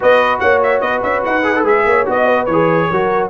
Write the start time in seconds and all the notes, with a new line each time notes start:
0.00 B3 F#4 B4 D#5
0.39 A#3 C#5 F#5
0.62 E5
0.80 B3 B4 D#5
1.02 C#4 E5
1.24 D#4 F#5
1.43 G#4
1.55 A4
1.63 G#3 G#4 E5
1.85 A#3 C#5
2.05 B3 F#4 D#5
2.25 B4
2.45 E3 C#5
2.52 G#4
2.89 F#3 F#4 A#4